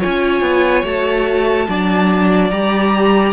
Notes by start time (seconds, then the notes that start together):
0.00 C#4 F4 C#5 G#5
0.41 B3
0.84 A3 F#4 A5
1.68 F#3 D4 D5
2.51 G3 G4 A#5